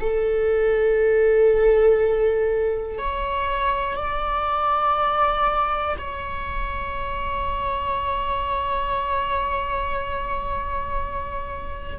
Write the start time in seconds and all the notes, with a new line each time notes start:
0.00 A4
2.98 C#5
3.96 D5
5.97 C#5